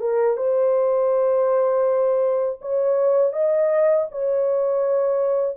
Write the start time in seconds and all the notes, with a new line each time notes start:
0.00 A#4
0.37 C5
2.61 C#5
3.32 D#5
4.11 C#5